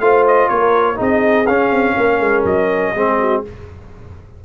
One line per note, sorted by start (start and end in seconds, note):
0.00 0.49 A3
0.00 0.96 F4
0.00 0.51 C5
0.00 0.25 F5
0.28 0.49 D#5
0.49 1.00 A#3
0.49 0.97 A#4
0.49 0.98 C#5
0.96 1.48 C4
0.96 1.45 D#4
0.96 1.94 G#4
0.96 1.47 D#5
1.47 1.71 C#4
1.47 2.96 C#4
1.47 2.44 F5
1.71 1.96 C4
1.97 2.20 A#3
1.97 2.94 A#4
2.20 2.45 G#3
2.45 2.93 F#3
2.45 3.44 D#5
2.94 3.44 G#3
2.94 3.45 C4
2.94 3.19 G#4
3.19 3.44 F#4